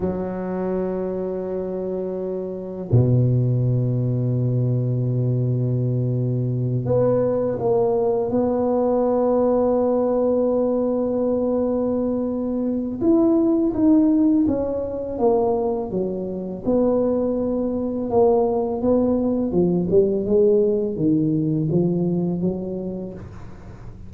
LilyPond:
\new Staff \with { instrumentName = "tuba" } { \time 4/4 \tempo 4 = 83 fis1 | b,1~ | b,4. b4 ais4 b8~ | b1~ |
b2 e'4 dis'4 | cis'4 ais4 fis4 b4~ | b4 ais4 b4 f8 g8 | gis4 dis4 f4 fis4 | }